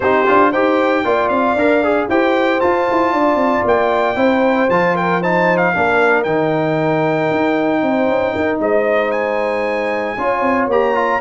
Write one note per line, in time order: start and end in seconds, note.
0.00 0.25 C4
0.00 0.26 D#4
0.00 0.50 G4
0.00 0.52 C5
0.26 0.53 D4
0.26 0.52 F4
0.50 1.04 D#4
0.50 1.05 G4
0.50 1.02 C5
0.50 1.28 G5
1.04 1.29 A#3
1.04 1.57 F4
1.04 2.09 D5
1.28 1.55 C4
1.28 2.07 F5
1.55 2.07 D4
1.55 1.83 A#4
1.83 2.09 G#4
2.08 2.60 E4
2.08 2.60 G4
2.08 3.12 C5
2.08 2.60 G5
2.60 4.15 F4
2.60 2.88 F4
2.60 3.64 A5
2.90 3.12 E4
3.12 3.35 D4
3.12 4.17 D5
3.35 3.61 C4
3.64 4.16 A#3
3.64 4.69 G5
4.15 4.68 C4
4.15 4.67 E4
4.15 4.95 C5
4.69 5.73 F3
4.69 5.22 F4
4.69 4.96 A5
4.95 5.20 A#4
4.95 5.22 G5
5.20 5.74 D#4
5.20 5.72 C5
5.20 5.57 A5
5.57 6.22 F5
5.73 6.25 A#3
5.73 6.26 D4
5.73 7.82 A#4
6.23 7.30 D#3
6.23 10.17 D#4
6.23 8.58 G5
7.31 7.82 D#4
7.82 8.07 C4
7.82 8.33 C5
8.07 8.34 C#4
8.33 8.59 D#4
8.33 8.59 A#4
8.59 10.16 G#3
8.59 10.18 C5
8.59 9.11 D#5
9.11 10.67 G#5
10.17 10.41 C#4
10.17 10.70 F4
10.17 11.21 C#5
10.41 10.67 C4
10.67 11.19 A#3
10.67 10.94 G4
10.67 11.21 A#5
10.94 11.20 F4